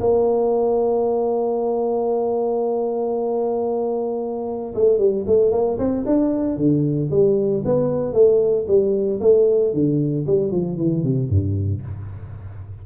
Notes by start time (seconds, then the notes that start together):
0.00 A#3
4.74 A3
4.98 G3
5.26 A3
5.51 A#3
5.78 C4
6.06 D4
6.56 D3
7.10 G3
7.65 B3
8.13 A3
8.67 G3
9.20 A3
9.73 D3
10.26 G3
10.51 F3
10.77 E3
11.03 C3
11.29 G2